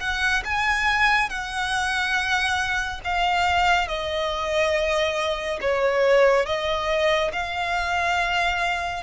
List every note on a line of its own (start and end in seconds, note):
0.00 0.43 F#5
0.44 1.29 G#5
1.29 3.01 F#5
3.04 3.88 F5
3.88 5.59 D#5
5.61 6.46 C#5
6.46 7.31 D#5
7.32 9.03 F5